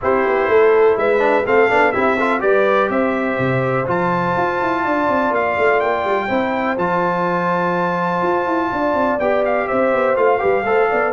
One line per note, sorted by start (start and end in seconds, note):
0.01 0.27 C4
0.01 1.18 E4
0.01 0.51 G4
0.01 0.97 C5
0.27 0.47 B3
0.47 0.96 A3
0.47 0.98 A4
0.96 1.45 G#3
0.96 1.45 B4
0.96 1.46 E5
1.18 1.43 D4
1.45 1.69 A3
1.45 1.69 C4
1.45 1.92 A4
1.45 1.92 F5
1.69 1.95 B3
1.69 1.93 D4
1.92 2.41 C4
1.92 2.17 E4
1.92 2.15 G4
1.92 2.40 E5
2.15 2.39 F4
2.15 2.40 A4
2.39 2.89 G3
2.39 3.84 G4
2.39 2.89 B4
2.39 2.89 D5
2.89 3.37 C4
2.89 4.83 C5
2.89 3.87 E5
3.38 3.87 C3
3.86 4.35 F3
3.86 6.28 F4
3.86 5.34 A5
4.36 4.61 F4
4.61 4.85 E4
4.83 5.08 D4
4.83 6.27 D5
5.08 5.31 C4
5.31 5.55 A#3
5.31 5.80 F5
5.58 5.81 A3
5.80 6.04 A#3
5.80 6.77 G5
6.04 6.28 G3
6.27 6.77 C4
6.27 6.77 E4
6.27 8.69 C5
6.77 8.22 F3
6.77 9.19 F4
6.77 9.19 A5
8.22 8.46 F4
8.46 8.70 E4
8.72 8.94 D4
8.72 9.67 D5
8.94 9.18 C4
9.19 9.67 B3
9.19 10.16 G4
9.19 9.43 G5
9.45 9.67 F5
9.67 9.93 C4
9.67 10.39 C5
9.67 10.16 E5
9.93 10.16 B3
10.16 10.40 A3
10.16 10.39 F4
10.16 11.12 F5
10.39 10.63 G3
10.39 10.63 G4
10.39 10.63 B4
10.63 10.87 A3
10.63 11.12 A4
10.63 10.88 C5
10.89 11.12 B3
10.89 11.12 D5